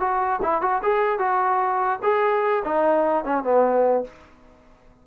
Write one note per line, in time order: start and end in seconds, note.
0.00 0.40 F#4
0.42 0.62 E4
0.62 0.82 F#4
0.83 1.19 G#4
1.19 2.00 F#4
2.03 2.63 G#4
2.65 3.24 D#4
3.24 3.44 C#4
3.44 4.04 B3